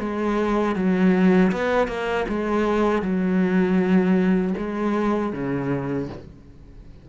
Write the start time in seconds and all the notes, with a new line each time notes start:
0.00 G#3
0.76 F#3
1.52 B3
1.88 A#3
2.29 G#3
3.03 F#3
4.58 G#3
5.33 C#3